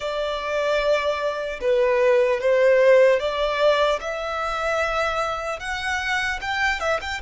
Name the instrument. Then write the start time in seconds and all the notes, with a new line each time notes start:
violin
0.00 D5
1.60 B4
2.40 C5
3.19 D5
4.00 E5
5.59 F#5
6.41 G5
6.80 E5
7.01 G5